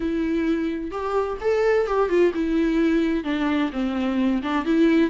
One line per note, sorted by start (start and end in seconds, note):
0.00 0.91 E4
0.91 1.37 G4
1.40 1.86 A4
1.86 2.09 G4
2.09 2.32 F4
2.34 3.24 E4
3.24 3.70 D4
3.72 4.42 C4
4.42 4.65 D4
4.65 5.10 E4